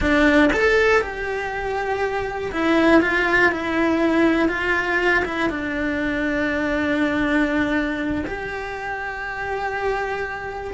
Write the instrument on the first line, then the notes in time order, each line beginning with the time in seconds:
cello
0.00 D4
0.53 A4
1.01 G4
2.52 E4
3.01 F4
3.51 E4
4.48 F4
5.25 E4
5.49 D4
8.26 G4